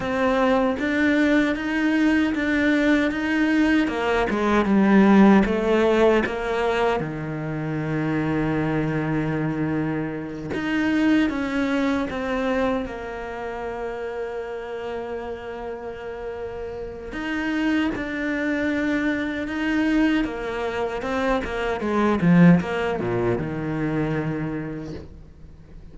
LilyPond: \new Staff \with { instrumentName = "cello" } { \time 4/4 \tempo 4 = 77 c'4 d'4 dis'4 d'4 | dis'4 ais8 gis8 g4 a4 | ais4 dis2.~ | dis4. dis'4 cis'4 c'8~ |
c'8 ais2.~ ais8~ | ais2 dis'4 d'4~ | d'4 dis'4 ais4 c'8 ais8 | gis8 f8 ais8 ais,8 dis2 | }